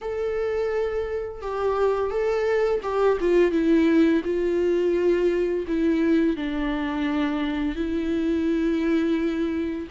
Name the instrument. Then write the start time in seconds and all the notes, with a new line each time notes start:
viola
0.01 A4
1.41 G4
2.10 A4
2.82 G4
3.20 F4
3.51 E4
4.24 F4
5.67 E4
6.36 D4
7.75 E4